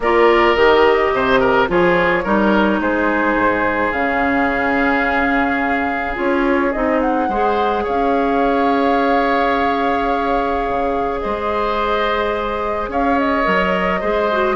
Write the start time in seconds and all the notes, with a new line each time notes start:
0.00 A#3 F4 A#4 D5
0.55 D#3 G4 D#5
1.12 C3 C5
1.40 A#4
1.67 F3 F4 G#4 C#5
2.23 G3 D#4 A#4
2.80 G#3 G#4 C5
3.34 G#2
3.91 C#3 C#4 F5
6.14 C#4 F4 C#5
6.72 C4 D#4 D#5
7.00 F#5
7.28 G#3 G#4 C5
7.83 C#4 C#5 F5
10.68 C#3
11.19 G#3 C5 D#5
12.88 C#4 C#5 F5
13.18 D#5
13.44 F#3 A#4
14.00 G#3 G#4 C5
14.31 F#4